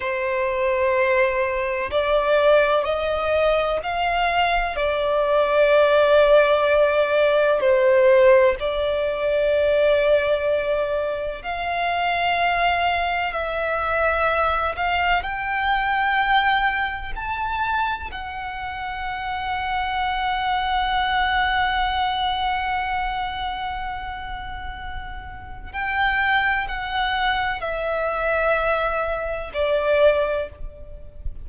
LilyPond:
\new Staff \with { instrumentName = "violin" } { \time 4/4 \tempo 4 = 63 c''2 d''4 dis''4 | f''4 d''2. | c''4 d''2. | f''2 e''4. f''8 |
g''2 a''4 fis''4~ | fis''1~ | fis''2. g''4 | fis''4 e''2 d''4 | }